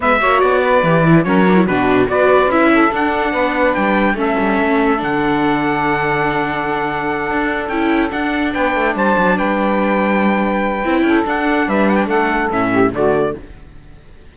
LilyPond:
<<
  \new Staff \with { instrumentName = "trumpet" } { \time 4/4 \tempo 4 = 144 e''4 d''2 cis''4 | b'4 d''4 e''4 fis''4~ | fis''4 g''4 e''2 | fis''1~ |
fis''2~ fis''8 g''4 fis''8~ | fis''8 g''4 a''4 g''4.~ | g''2. fis''4 | e''8 fis''16 g''16 fis''4 e''4 d''4 | }
  \new Staff \with { instrumentName = "saxophone" } { \time 4/4 b'8 cis''4 b'4. ais'4 | fis'4 b'4. a'4. | b'2 a'2~ | a'1~ |
a'1~ | a'8 b'4 c''4 b'4.~ | b'2~ b'8 a'4. | b'4 a'4. g'8 fis'4 | }
  \new Staff \with { instrumentName = "viola" } { \time 4/4 b8 fis'4. g'8 e'8 cis'8 d'16 e'16 | d'4 fis'4 e'4 d'4~ | d'2 cis'2 | d'1~ |
d'2~ d'8 e'4 d'8~ | d'1~ | d'2 e'4 d'4~ | d'2 cis'4 a4 | }
  \new Staff \with { instrumentName = "cello" } { \time 4/4 gis8 ais8 b4 e4 fis4 | b,4 b4 cis'4 d'4 | b4 g4 a8 g8 a4 | d1~ |
d4. d'4 cis'4 d'8~ | d'8 b8 a8 g8 fis8 g4.~ | g2 c'8 cis'8 d'4 | g4 a4 a,4 d4 | }
>>